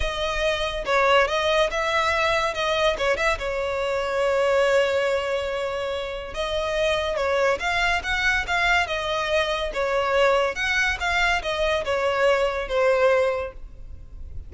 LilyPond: \new Staff \with { instrumentName = "violin" } { \time 4/4 \tempo 4 = 142 dis''2 cis''4 dis''4 | e''2 dis''4 cis''8 e''8 | cis''1~ | cis''2. dis''4~ |
dis''4 cis''4 f''4 fis''4 | f''4 dis''2 cis''4~ | cis''4 fis''4 f''4 dis''4 | cis''2 c''2 | }